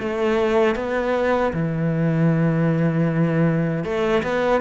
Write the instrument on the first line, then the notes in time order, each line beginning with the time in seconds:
cello
0.00 A3
0.76 B3
1.54 E3
3.85 A3
4.23 B3